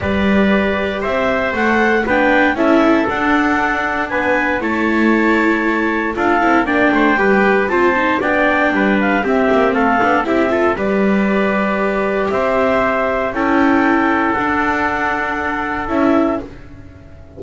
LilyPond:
<<
  \new Staff \with { instrumentName = "clarinet" } { \time 4/4 \tempo 4 = 117 d''2 e''4 fis''4 | g''4 e''4 fis''2 | gis''4 a''2. | f''4 g''2 a''4 |
g''4. f''8 e''4 f''4 | e''4 d''2. | e''2 g''2 | fis''2. e''4 | }
  \new Staff \with { instrumentName = "trumpet" } { \time 4/4 b'2 c''2 | b'4 a'2. | b'4 cis''2. | a'4 d''8 c''8 b'4 c''4 |
d''4 b'4 g'4 a'4 | g'8 a'8 b'2. | c''2 a'2~ | a'1 | }
  \new Staff \with { instrumentName = "viola" } { \time 4/4 g'2. a'4 | d'4 e'4 d'2~ | d'4 e'2. | f'8 e'8 d'4 g'4 f'8 dis'8 |
d'2 c'4. d'8 | e'8 f'8 g'2.~ | g'2 e'2 | d'2. e'4 | }
  \new Staff \with { instrumentName = "double bass" } { \time 4/4 g2 c'4 a4 | b4 cis'4 d'2 | b4 a2. | d'8 c'8 ais8 a8 g4 c'4 |
b4 g4 c'8 ais8 a8 b8 | c'4 g2. | c'2 cis'2 | d'2. cis'4 | }
>>